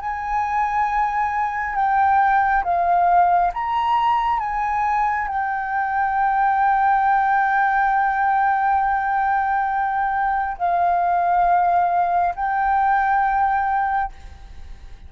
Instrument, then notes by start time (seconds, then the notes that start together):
flute
0.00 G#5
1.75 G5
2.64 F5
3.54 A#5
4.40 G#5
5.28 G5
10.58 F5
12.36 G5